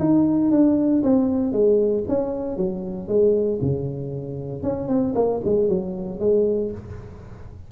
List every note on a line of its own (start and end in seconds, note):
0.00 0.51 D#4
0.51 1.03 D4
1.04 1.53 C4
1.53 2.05 G#3
2.09 2.57 C#4
2.57 3.08 F#3
3.08 3.60 G#3
3.62 4.63 C#3
4.63 4.88 C#4
4.88 5.14 C4
5.15 5.41 A#3
5.45 5.68 G#3
5.68 6.20 F#3
6.20 6.72 G#3